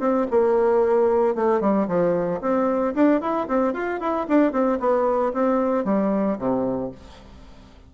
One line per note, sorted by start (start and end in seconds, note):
0.00 0.27 C4
0.31 1.35 A#3
1.35 1.61 A3
1.61 1.88 G3
1.88 2.41 F3
2.41 2.94 C4
2.95 3.21 D4
3.21 3.48 E4
3.48 3.74 C4
3.74 4.00 F4
4.00 4.27 E4
4.29 4.52 D4
4.52 4.79 C4
4.80 5.33 B3
5.33 5.85 C4
5.85 6.38 G3
6.39 6.92 C3